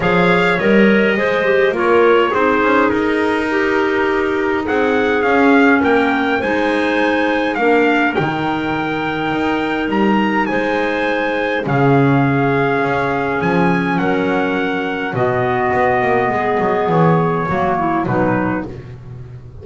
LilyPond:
<<
  \new Staff \with { instrumentName = "trumpet" } { \time 4/4 \tempo 4 = 103 f''4 dis''2 cis''4 | c''4 ais'2. | fis''4 f''4 g''4 gis''4~ | gis''4 f''4 g''2~ |
g''4 ais''4 gis''2 | f''2. gis''4 | fis''2 dis''2~ | dis''4 cis''2 b'4 | }
  \new Staff \with { instrumentName = "clarinet" } { \time 4/4 cis''2 c''4 ais'4 | gis'2 g'2 | gis'2 ais'4 c''4~ | c''4 ais'2.~ |
ais'2 c''2 | gis'1 | ais'2 fis'2 | gis'2 fis'8 e'8 dis'4 | }
  \new Staff \with { instrumentName = "clarinet" } { \time 4/4 gis'4 ais'4 gis'8 g'8 f'4 | dis'1~ | dis'4 cis'2 dis'4~ | dis'4 d'4 dis'2~ |
dis'1 | cis'1~ | cis'2 b2~ | b2 ais4 fis4 | }
  \new Staff \with { instrumentName = "double bass" } { \time 4/4 f4 g4 gis4 ais4 | c'8 cis'8 dis'2. | c'4 cis'4 ais4 gis4~ | gis4 ais4 dis2 |
dis'4 g4 gis2 | cis2 cis'4 f4 | fis2 b,4 b8 ais8 | gis8 fis8 e4 fis4 b,4 | }
>>